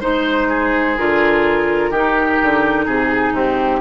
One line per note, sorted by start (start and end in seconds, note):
0.00 0.98 G#3
0.00 0.97 D#4
0.00 0.48 C5
0.00 0.97 C5
0.49 1.90 G#4
0.97 1.90 D3
0.97 1.93 F4
0.97 2.88 A#4
1.90 2.37 D#3
1.90 3.80 D#4
1.90 2.85 G4
2.42 2.86 D3
2.85 3.31 C3
2.85 3.33 G#4
2.85 3.35 G#4
3.31 3.79 G#2
3.31 3.80 C4
3.31 3.80 G4